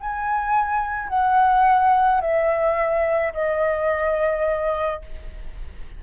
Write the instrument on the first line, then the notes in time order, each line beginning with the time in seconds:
flute
0.00 G#5
1.09 F#5
2.21 E5
3.34 D#5